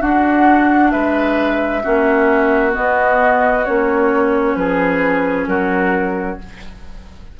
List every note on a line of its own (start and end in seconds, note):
0.00 1.82 D4
0.00 0.93 D4
0.00 0.92 F#4
0.00 0.91 F#5
0.91 1.85 G#3
0.91 1.83 B4
0.91 2.73 E5
1.84 2.76 A#3
1.84 2.72 C#4
1.84 4.56 F#4
2.72 3.63 B3
2.72 3.67 B3
2.72 3.65 D#5
3.65 4.55 A#3
3.65 6.39 C#4
3.65 4.56 C#5
4.55 5.46 F3
4.55 5.49 G#4
4.55 5.47 B4
5.46 6.37 F#3
5.46 6.40 F#4
5.46 6.38 A#4